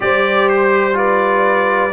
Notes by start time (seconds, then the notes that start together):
0.00 G3 G4 C5 D5
0.48 C5
0.93 F4 B4 D5